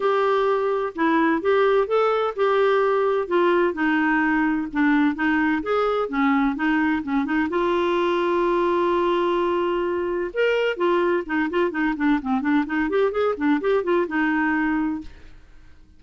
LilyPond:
\new Staff \with { instrumentName = "clarinet" } { \time 4/4 \tempo 4 = 128 g'2 e'4 g'4 | a'4 g'2 f'4 | dis'2 d'4 dis'4 | gis'4 cis'4 dis'4 cis'8 dis'8 |
f'1~ | f'2 ais'4 f'4 | dis'8 f'8 dis'8 d'8 c'8 d'8 dis'8 g'8 | gis'8 d'8 g'8 f'8 dis'2 | }